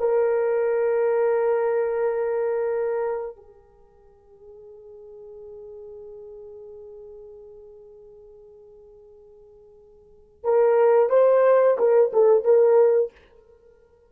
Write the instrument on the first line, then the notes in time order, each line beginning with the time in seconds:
horn
0.00 A#4
3.37 G#4
10.44 A#4
11.10 C5
11.78 A#4
12.13 A4
12.44 A#4